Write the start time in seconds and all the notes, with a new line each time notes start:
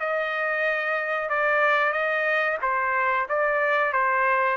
0.00 D#5
1.29 D5
1.93 D#5
2.62 C5
3.29 D5
3.93 C5